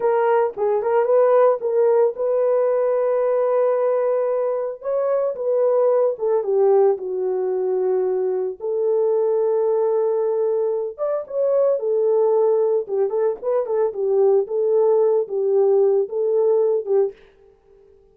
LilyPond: \new Staff \with { instrumentName = "horn" } { \time 4/4 \tempo 4 = 112 ais'4 gis'8 ais'8 b'4 ais'4 | b'1~ | b'4 cis''4 b'4. a'8 | g'4 fis'2. |
a'1~ | a'8 d''8 cis''4 a'2 | g'8 a'8 b'8 a'8 g'4 a'4~ | a'8 g'4. a'4. g'8 | }